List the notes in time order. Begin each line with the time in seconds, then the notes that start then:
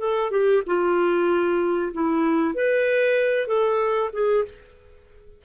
0.00 A4
0.31 G4
0.67 F4
1.93 E4
2.55 B4
3.47 A4
4.13 G#4